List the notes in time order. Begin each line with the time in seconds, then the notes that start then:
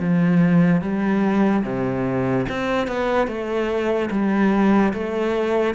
0.00 F3
0.81 G3
1.64 C3
2.49 C4
2.88 B3
3.27 A3
4.11 G3
4.94 A3